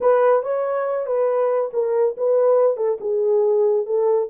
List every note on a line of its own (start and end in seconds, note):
0.00 0.42 B4
0.42 1.06 C#5
1.06 1.70 B4
1.73 2.15 A#4
2.17 2.76 B4
2.76 2.98 A4
3.00 3.86 G#4
3.86 4.29 A4